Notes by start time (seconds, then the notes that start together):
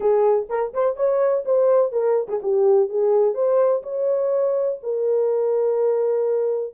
0.00 G#4
0.49 A#4
0.73 C5
0.96 C#5
1.45 C5
1.92 A#4
2.28 G#4
2.42 G4
2.89 G#4
3.34 C5
3.82 C#5
4.82 A#4